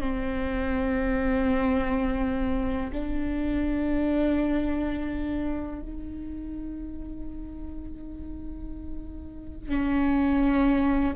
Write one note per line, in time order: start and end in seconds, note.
0.00 2.90 C4
2.92 5.81 D4
5.81 9.68 D#4
9.69 11.14 C#4